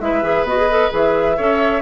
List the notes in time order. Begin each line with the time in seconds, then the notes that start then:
0.00 G#3 E4 B4 E5
0.23 E3 G#4
0.44 B3 F#4 D#5
0.57 G#4
0.70 A4
0.91 E3 G#4
0.97 E5
1.36 C#4 A4 C#5